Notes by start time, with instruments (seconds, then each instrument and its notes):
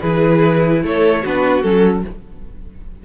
0.00 cello E3, viola E4, violin G#4 B4
0.83 cello A3, violin A4 C#5
1.22 cello B3, viola D4, violin F#4 B4
1.62 cello F#3, viola C#4, violin A4